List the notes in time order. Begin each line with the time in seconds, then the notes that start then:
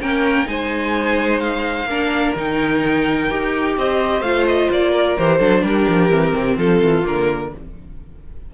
0.00 A#3 C#4 A#4 G5
0.45 G#3 D#4 C5 G#5
1.39 F5
1.84 A#3 D4 A#4
2.35 D#3 D#4 G5
3.29 D#4 G4
3.77 C4 C5 D#5
4.20 A3 F4 F5
4.47 D#5
4.70 A#3 D5
4.91 A#4
5.17 E3 G4 C5
5.38 F#3 D4 A4
5.62 G3 G4 A#4
5.88 F3
6.10 E3 C4
6.36 C3
6.56 F3 F4 A4
6.81 E3
7.03 D3 A#3 A#4